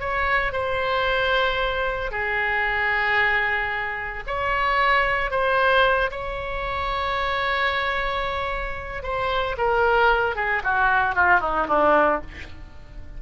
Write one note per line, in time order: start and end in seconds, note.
0.00 0.52 C#5
0.52 2.11 C5
2.11 4.23 G#4
4.26 5.30 C#5
5.30 6.10 C5
6.11 9.03 C#5
9.03 9.56 C5
9.57 10.35 A#4
10.35 10.62 G#4
10.63 11.15 F#4
11.15 11.40 F4
11.40 11.66 D#4
11.68 12.21 D4